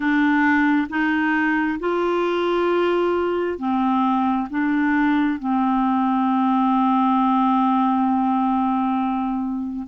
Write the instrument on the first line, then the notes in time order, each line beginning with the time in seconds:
clarinet
0.00 D4
0.90 D#4
1.79 F4
3.58 C4
4.49 D4
5.39 C4